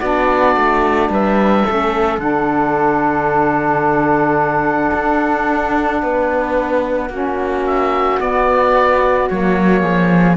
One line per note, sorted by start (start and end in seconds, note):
0.00 0.57 B3
0.00 1.67 D4
0.00 1.09 F#4
0.00 1.10 D5
0.57 1.10 A3
1.10 1.64 G3
1.10 1.65 B4
1.10 2.20 E5
1.65 2.18 A3
1.65 2.19 C#4
1.65 6.02 A4
2.18 4.91 D3
2.18 7.10 D4
2.18 7.66 F#5
4.94 6.03 D4
6.03 7.10 B3
6.03 7.10 B4
7.10 8.19 A#3
7.10 8.20 C#4
7.10 9.81 F#4
7.67 8.21 E5
8.20 9.29 B3
8.20 9.30 B3
8.20 9.30 D5
9.30 9.83 F#3
9.30 10.37 A#3
9.30 10.37 C#5
9.81 10.37 F3
9.81 10.36 G#4